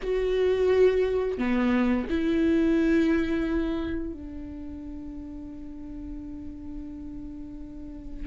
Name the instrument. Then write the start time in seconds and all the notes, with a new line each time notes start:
viola
0.02 F#4
1.38 B3
2.09 E4
4.13 D4